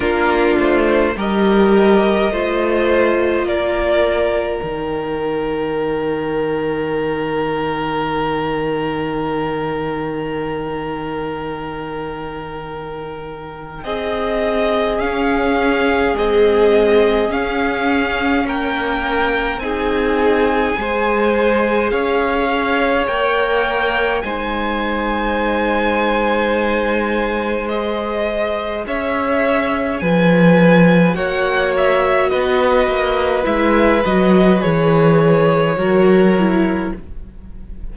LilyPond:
<<
  \new Staff \with { instrumentName = "violin" } { \time 4/4 \tempo 4 = 52 ais'8 c''8 dis''2 d''4 | g''1~ | g''1 | dis''4 f''4 dis''4 f''4 |
g''4 gis''2 f''4 | g''4 gis''2. | dis''4 e''4 gis''4 fis''8 e''8 | dis''4 e''8 dis''8 cis''2 | }
  \new Staff \with { instrumentName = "violin" } { \time 4/4 f'4 ais'4 c''4 ais'4~ | ais'1~ | ais'1 | gis'1 |
ais'4 gis'4 c''4 cis''4~ | cis''4 c''2.~ | c''4 cis''4 b'4 cis''4 | b'2. ais'4 | }
  \new Staff \with { instrumentName = "viola" } { \time 4/4 d'4 g'4 f'2 | dis'1~ | dis'1~ | dis'4 cis'4 gis4 cis'4~ |
cis'4 dis'4 gis'2 | ais'4 dis'2. | gis'2. fis'4~ | fis'4 e'8 fis'8 gis'4 fis'8 e'8 | }
  \new Staff \with { instrumentName = "cello" } { \time 4/4 ais8 a8 g4 a4 ais4 | dis1~ | dis1 | c'4 cis'4 c'4 cis'4 |
ais4 c'4 gis4 cis'4 | ais4 gis2.~ | gis4 cis'4 f4 ais4 | b8 ais8 gis8 fis8 e4 fis4 | }
>>